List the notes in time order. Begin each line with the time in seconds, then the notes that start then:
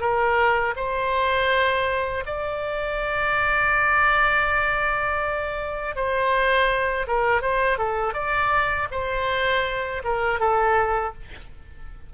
0.00 A#4
0.76 C5
2.26 D5
5.95 C5
7.07 A#4
7.41 C5
7.78 A4
8.13 D5
8.91 C5
10.04 A#4
10.39 A4